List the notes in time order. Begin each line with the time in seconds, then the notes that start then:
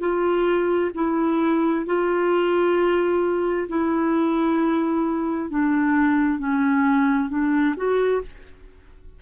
0.00 F4
0.95 E4
1.86 F4
3.69 E4
5.50 D4
6.39 C#4
7.29 D4
7.76 F#4